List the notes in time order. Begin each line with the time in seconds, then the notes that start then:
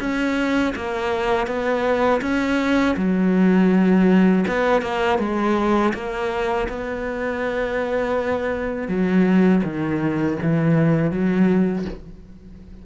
0.00 C#4
0.75 A#3
1.47 B3
2.21 C#4
2.97 F#3
4.48 B3
4.82 A#3
5.19 G#3
5.94 A#3
6.69 B3
8.88 F#3
9.64 D#3
10.42 E3
11.11 F#3